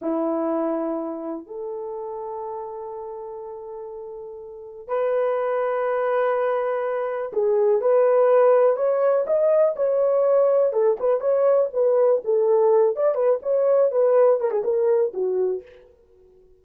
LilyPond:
\new Staff \with { instrumentName = "horn" } { \time 4/4 \tempo 4 = 123 e'2. a'4~ | a'1~ | a'2 b'2~ | b'2. gis'4 |
b'2 cis''4 dis''4 | cis''2 a'8 b'8 cis''4 | b'4 a'4. d''8 b'8 cis''8~ | cis''8 b'4 ais'16 gis'16 ais'4 fis'4 | }